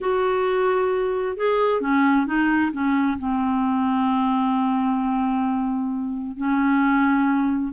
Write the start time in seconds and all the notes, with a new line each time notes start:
0.00 F#4
1.36 G#4
1.81 C#4
2.26 D#4
2.72 C#4
3.19 C4
6.37 C#4